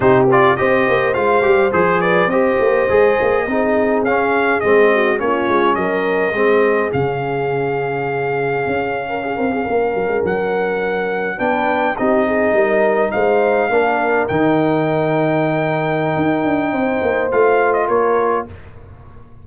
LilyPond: <<
  \new Staff \with { instrumentName = "trumpet" } { \time 4/4 \tempo 4 = 104 c''8 d''8 dis''4 f''4 c''8 d''8 | dis''2. f''4 | dis''4 cis''4 dis''2 | f''1~ |
f''4.~ f''16 fis''2 g''16~ | g''8. dis''2 f''4~ f''16~ | f''8. g''2.~ g''16~ | g''2 f''8. dis''16 cis''4 | }
  \new Staff \with { instrumentName = "horn" } { \time 4/4 g'4 c''2~ c''8 b'8 | c''2 gis'2~ | gis'8 fis'8 f'4 ais'4 gis'4~ | gis'2.~ gis'8. ais'16 |
gis'16 ais'16 gis'16 ais'2. b'16~ | b'8. g'8 gis'8 ais'4 c''4 ais'16~ | ais'1~ | ais'4 c''2 ais'4 | }
  \new Staff \with { instrumentName = "trombone" } { \time 4/4 dis'8 f'8 g'4 f'8 g'8 gis'4 | g'4 gis'4 dis'4 cis'4 | c'4 cis'2 c'4 | cis'1~ |
cis'2.~ cis'8. d'16~ | d'8. dis'2. d'16~ | d'8. dis'2.~ dis'16~ | dis'2 f'2 | }
  \new Staff \with { instrumentName = "tuba" } { \time 4/4 c4 c'8 ais8 gis8 g8 f4 | c'8 ais8 gis8 ais8 c'4 cis'4 | gis4 ais8 gis8 fis4 gis4 | cis2. cis'4~ |
cis'16 c'8 ais8 fis16 gis16 fis2 b16~ | b8. c'4 g4 gis4 ais16~ | ais8. dis2.~ dis16 | dis'8 d'8 c'8 ais8 a4 ais4 | }
>>